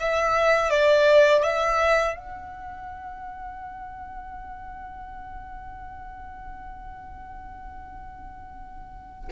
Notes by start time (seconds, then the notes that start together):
0.00 E5
0.70 D5
1.43 E5
2.16 F#5